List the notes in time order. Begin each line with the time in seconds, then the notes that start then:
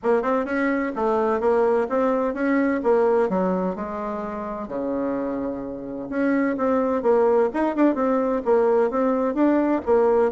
0.03 A#3
0.22 C4
0.45 C#4
0.95 A3
1.40 A#3
1.89 C4
2.34 C#4
2.83 A#3
3.29 F#3
3.75 G#3
4.67 C#3
6.09 C#4
6.57 C4
7.02 A#3
7.53 D#4
7.75 D4
7.95 C4
8.44 A#3
8.90 C4
9.34 D4
9.85 A#3